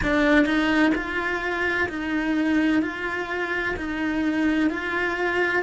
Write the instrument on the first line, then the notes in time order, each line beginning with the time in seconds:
cello
0.03 D4
0.45 D#4
0.94 F4
1.88 D#4
2.82 F4
3.76 D#4
4.70 F4